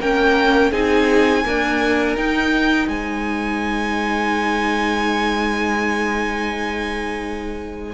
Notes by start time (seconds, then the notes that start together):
0.00 A#3 C#4 A#4 G5
0.72 C4 D#4 G#4 G#5
1.45 A#3 D4 A#4
2.17 D#4 G5
2.88 G#3 C5 G#5